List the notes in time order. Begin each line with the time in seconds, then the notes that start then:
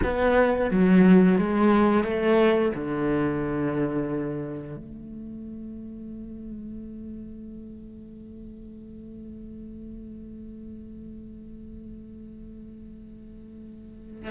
0.03 B3
0.70 F#3
1.38 G#3
2.04 A3
2.74 D3
4.76 A3